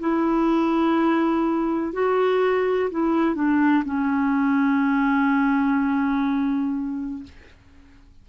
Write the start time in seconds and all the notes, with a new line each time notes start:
0.00 E4
1.94 F#4
2.91 E4
3.35 D4
3.85 C#4